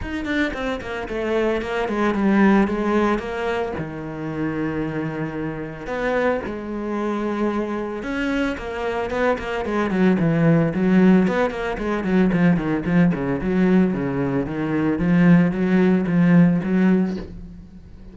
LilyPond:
\new Staff \with { instrumentName = "cello" } { \time 4/4 \tempo 4 = 112 dis'8 d'8 c'8 ais8 a4 ais8 gis8 | g4 gis4 ais4 dis4~ | dis2. b4 | gis2. cis'4 |
ais4 b8 ais8 gis8 fis8 e4 | fis4 b8 ais8 gis8 fis8 f8 dis8 | f8 cis8 fis4 cis4 dis4 | f4 fis4 f4 fis4 | }